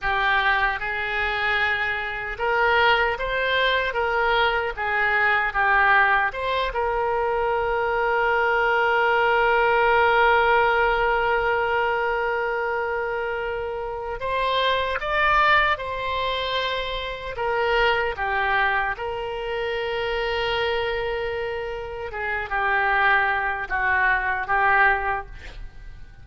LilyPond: \new Staff \with { instrumentName = "oboe" } { \time 4/4 \tempo 4 = 76 g'4 gis'2 ais'4 | c''4 ais'4 gis'4 g'4 | c''8 ais'2.~ ais'8~ | ais'1~ |
ais'2 c''4 d''4 | c''2 ais'4 g'4 | ais'1 | gis'8 g'4. fis'4 g'4 | }